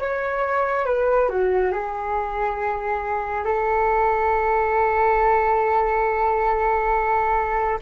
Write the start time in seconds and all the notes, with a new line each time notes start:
0.00 C#5
0.86 B4
1.29 F#4
1.72 G#4
3.45 A4